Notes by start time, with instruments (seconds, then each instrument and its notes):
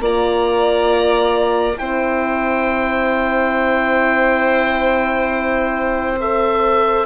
0.00 bassoon A#3, horn F4, violin D5, oboe A#5
1.77 bassoon C4, horn E4, violin C5, oboe G5
6.20 horn A4, oboe E5